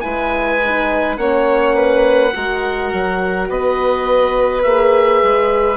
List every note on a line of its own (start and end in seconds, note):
0.00 1.17 G#3
0.00 0.59 E4
0.00 1.19 B4
0.00 1.15 G#5
0.64 1.17 D#4
1.17 2.32 A#3
1.17 2.32 C#4
1.17 1.75 C#5
1.17 3.48 F#5
1.75 2.33 B4
2.33 2.93 G#3
2.33 4.64 F#4
2.33 3.49 A#4
2.93 3.49 F#3
3.49 4.64 B3
3.49 5.76 B4
3.49 4.62 D#5
4.62 5.22 A#3
4.62 5.76 G#4
4.62 5.76 E5
5.23 5.76 G#3